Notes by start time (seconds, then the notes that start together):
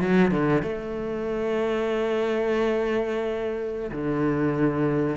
0.00 F#3
0.31 D3
0.62 A3
3.91 D3